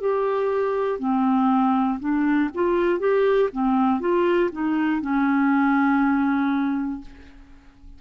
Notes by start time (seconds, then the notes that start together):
0.00 G4
0.99 C4
1.99 D4
2.54 F4
2.99 G4
3.52 C4
4.00 F4
4.52 D#4
5.01 C#4